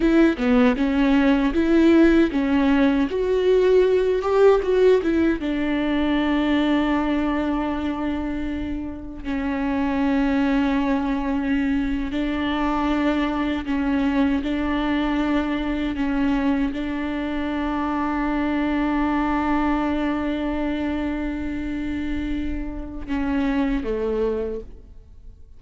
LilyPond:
\new Staff \with { instrumentName = "viola" } { \time 4/4 \tempo 4 = 78 e'8 b8 cis'4 e'4 cis'4 | fis'4. g'8 fis'8 e'8 d'4~ | d'1 | cis'2.~ cis'8. d'16~ |
d'4.~ d'16 cis'4 d'4~ d'16~ | d'8. cis'4 d'2~ d'16~ | d'1~ | d'2 cis'4 a4 | }